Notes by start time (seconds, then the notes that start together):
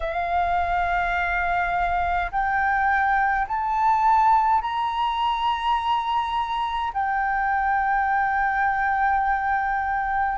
0.00 F5
2.31 G5
3.47 A5
4.61 A#5
6.93 G5